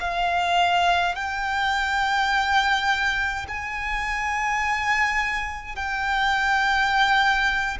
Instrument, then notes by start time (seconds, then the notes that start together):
violin
0.00 F5
1.15 G5
3.48 G#5
5.76 G5